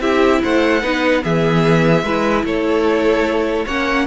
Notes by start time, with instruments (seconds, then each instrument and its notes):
0.00 cello C4, viola E4, violin G4 E5
0.42 cello A3, violin C5 F#5
0.82 cello B3, viola D#4, violin B4
1.21 cello E3, viola B3, violin G#4 E5
2.03 cello G#3, viola E4, violin B4
2.44 cello A3, violin A4 C#5
3.65 cello A#3, viola C#4, violin C#5 F#5